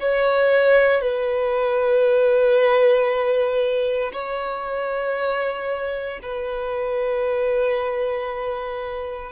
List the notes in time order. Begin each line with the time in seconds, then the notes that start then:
0.00 C#5
1.02 B4
4.13 C#5
6.23 B4